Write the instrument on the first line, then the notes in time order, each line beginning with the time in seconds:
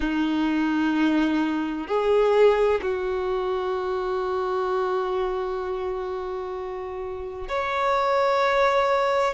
violin
0.00 D#4
1.87 G#4
2.81 F#4
7.48 C#5